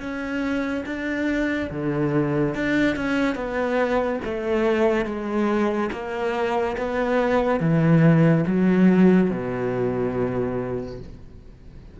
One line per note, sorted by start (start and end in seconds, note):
0.00 0.85 C#4
0.85 1.70 D4
1.70 2.55 D3
2.55 2.96 D4
2.96 3.35 C#4
3.35 4.19 B3
4.24 5.05 A3
5.05 5.90 G#3
5.92 6.76 A#3
6.77 7.60 B3
7.60 8.45 E3
8.47 9.30 F#3
9.30 10.99 B2